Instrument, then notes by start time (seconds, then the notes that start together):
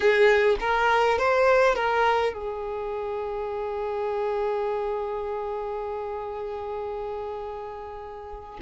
violin
0.00 G#4
0.60 A#4
1.18 C5
1.75 A#4
2.33 G#4